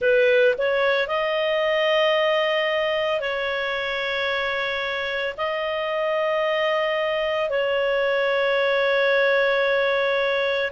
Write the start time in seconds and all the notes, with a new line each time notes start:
0.01 B4
0.57 C#5
1.07 D#5
3.20 C#5
5.37 D#5
7.49 C#5